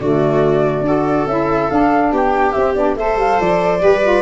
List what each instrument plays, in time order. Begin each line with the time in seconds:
0.00 tuba D3, saxophone A3, viola F#4, flute D5
0.80 tuba D4, saxophone F#4, viola A4
1.26 tuba C#4, saxophone E4, flute E5
1.69 saxophone D4, tuba D4, flute F5
2.12 tuba B3, viola G4, flute G5
2.52 tuba C4, saxophone C4, flute E5
2.74 tuba B3, saxophone D4, flute D5
2.95 tuba A3, saxophone A4, viola C5, flute E5
3.16 tuba G3, flute F5
3.39 tuba F3, flute D5
3.79 tuba G3, saxophone G4, viola B4
4.02 saxophone F4